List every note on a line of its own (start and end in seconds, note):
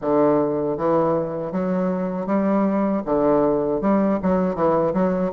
0.01 0.77 D3
0.77 1.52 E3
1.52 2.26 F#3
2.26 3.02 G3
3.05 3.81 D3
3.81 4.19 G3
4.22 4.55 F#3
4.55 4.93 E3
4.93 5.31 F#3